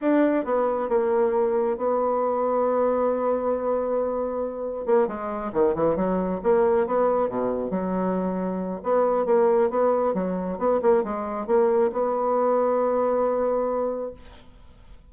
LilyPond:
\new Staff \with { instrumentName = "bassoon" } { \time 4/4 \tempo 4 = 136 d'4 b4 ais2 | b1~ | b2. ais8 gis8~ | gis8 dis8 e8 fis4 ais4 b8~ |
b8 b,4 fis2~ fis8 | b4 ais4 b4 fis4 | b8 ais8 gis4 ais4 b4~ | b1 | }